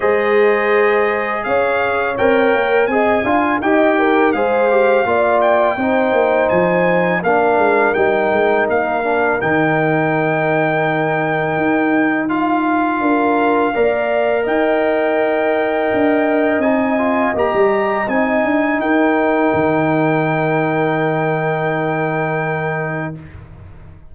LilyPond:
<<
  \new Staff \with { instrumentName = "trumpet" } { \time 4/4 \tempo 4 = 83 dis''2 f''4 g''4 | gis''4 g''4 f''4. g''8~ | g''4 gis''4 f''4 g''4 | f''4 g''2.~ |
g''4 f''2. | g''2. gis''4 | ais''4 gis''4 g''2~ | g''1 | }
  \new Staff \with { instrumentName = "horn" } { \time 4/4 c''2 cis''2 | dis''8 f''8 dis''8 ais'8 c''4 d''4 | c''2 ais'2~ | ais'1~ |
ais'4 f''4 ais'4 d''4 | dis''1~ | dis''2 ais'2~ | ais'1 | }
  \new Staff \with { instrumentName = "trombone" } { \time 4/4 gis'2. ais'4 | gis'8 f'8 g'4 gis'8 g'8 f'4 | dis'2 d'4 dis'4~ | dis'8 d'8 dis'2.~ |
dis'4 f'2 ais'4~ | ais'2. dis'8 f'8 | g'4 dis'2.~ | dis'1 | }
  \new Staff \with { instrumentName = "tuba" } { \time 4/4 gis2 cis'4 c'8 ais8 | c'8 d'8 dis'4 gis4 ais4 | c'8 ais8 f4 ais8 gis8 g8 gis8 | ais4 dis2. |
dis'2 d'4 ais4 | dis'2 d'4 c'4 | ais16 g8. c'8 d'8 dis'4 dis4~ | dis1 | }
>>